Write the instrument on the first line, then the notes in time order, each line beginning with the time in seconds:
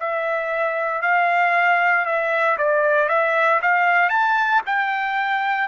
trumpet
0.00 E5
1.03 F5
2.06 E5
2.58 D5
3.09 E5
3.63 F5
4.10 A5
4.67 G5